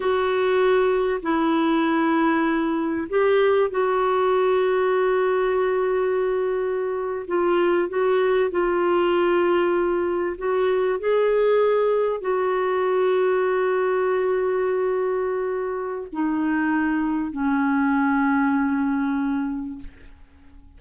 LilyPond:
\new Staff \with { instrumentName = "clarinet" } { \time 4/4 \tempo 4 = 97 fis'2 e'2~ | e'4 g'4 fis'2~ | fis'2.~ fis'8. f'16~ | f'8. fis'4 f'2~ f'16~ |
f'8. fis'4 gis'2 fis'16~ | fis'1~ | fis'2 dis'2 | cis'1 | }